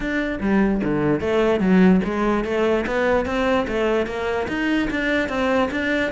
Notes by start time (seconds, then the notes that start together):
0.00 D4
0.40 G3
0.83 D3
1.20 A3
1.59 F#3
2.04 G#3
2.44 A3
2.86 B3
3.25 C4
3.67 A3
4.06 A#3
4.48 D#4
4.90 D4
5.29 C4
5.71 D4